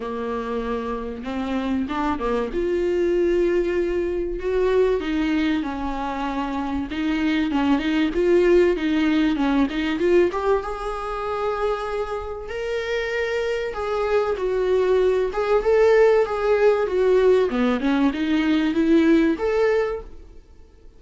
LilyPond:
\new Staff \with { instrumentName = "viola" } { \time 4/4 \tempo 4 = 96 ais2 c'4 d'8 ais8 | f'2. fis'4 | dis'4 cis'2 dis'4 | cis'8 dis'8 f'4 dis'4 cis'8 dis'8 |
f'8 g'8 gis'2. | ais'2 gis'4 fis'4~ | fis'8 gis'8 a'4 gis'4 fis'4 | b8 cis'8 dis'4 e'4 a'4 | }